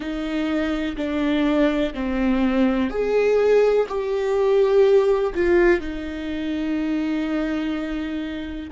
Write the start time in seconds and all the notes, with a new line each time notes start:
0.00 D#4
0.97 D4
1.94 C4
2.90 G#4
3.88 G4
5.34 F4
5.80 D#4